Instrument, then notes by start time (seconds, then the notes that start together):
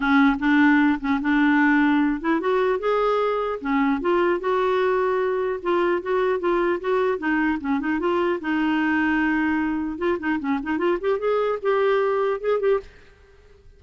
clarinet
0.00 C#4
0.39 D4
1.00 C#4
1.21 D4
2.20 E4
2.40 F#4
2.79 G#4
3.60 C#4
4.01 F4
4.40 F#4
5.62 F4
6.01 F#4
6.39 F4
6.80 F#4
7.18 D#4
7.60 C#4
7.79 D#4
7.99 F4
8.40 D#4
9.97 F4
10.19 D#4
10.39 C#4
10.62 D#4
10.78 F4
11.00 G4
11.18 G#4
11.62 G4
12.40 G#4
12.60 G4